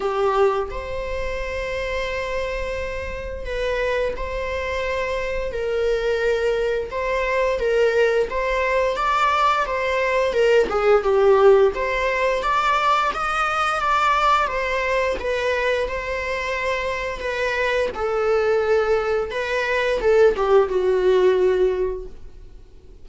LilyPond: \new Staff \with { instrumentName = "viola" } { \time 4/4 \tempo 4 = 87 g'4 c''2.~ | c''4 b'4 c''2 | ais'2 c''4 ais'4 | c''4 d''4 c''4 ais'8 gis'8 |
g'4 c''4 d''4 dis''4 | d''4 c''4 b'4 c''4~ | c''4 b'4 a'2 | b'4 a'8 g'8 fis'2 | }